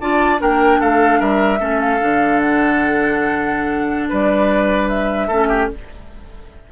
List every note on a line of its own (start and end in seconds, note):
0.00 0.41 D4
0.00 0.39 F4
0.00 0.41 D5
0.00 0.40 A5
0.39 0.80 A#3
0.39 1.59 D4
0.39 0.80 A#4
0.39 0.81 G5
0.80 1.20 A3
0.80 1.19 A4
0.80 1.21 F5
1.19 1.60 G3
1.19 1.59 A#4
1.19 1.80 E5
1.60 2.00 A3
1.60 2.00 C#4
1.60 4.09 A4
1.80 2.40 F5
2.01 4.12 D3
2.01 5.31 D4
2.40 4.10 F#5
4.09 5.29 G3
4.09 5.28 B4
4.09 4.89 D5
4.89 5.69 E5
5.28 5.69 A3
5.28 5.72 C#4
5.28 5.48 A4
5.48 5.68 G4